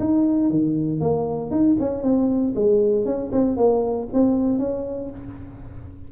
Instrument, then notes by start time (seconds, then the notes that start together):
tuba
0.00 D#4
0.50 D#3
1.01 A#3
1.51 D#4
1.80 C#4
2.03 C4
2.56 G#3
3.06 C#4
3.33 C4
3.57 A#3
4.14 C4
4.59 C#4